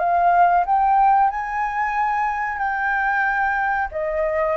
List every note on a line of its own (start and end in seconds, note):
0.00 0.65 F5
0.66 1.30 G5
1.30 2.58 G#5
2.58 3.89 G5
3.92 4.57 D#5